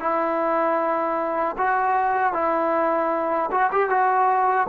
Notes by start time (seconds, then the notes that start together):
0.00 E4
1.58 F#4
2.33 E4
3.51 F#4
3.72 G4
3.89 F#4